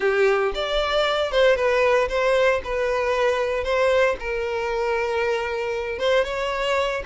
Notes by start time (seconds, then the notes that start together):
0.00 G4
0.54 D5
1.31 C5
1.56 B4
2.09 C5
2.63 B4
3.64 C5
4.19 A#4
5.98 C5
6.24 C#5